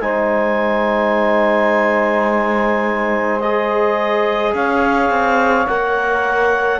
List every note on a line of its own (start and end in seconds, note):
0.00 4.53 G#3
0.00 3.41 D#4
0.00 4.54 C5
0.00 3.40 G#5
3.40 5.67 G#4
3.40 4.53 D#5
4.54 5.10 C#4
4.54 6.79 C#5
4.54 5.67 F5
5.10 5.66 C4
5.67 6.79 A#3
5.67 6.79 A#4
5.67 6.79 F#5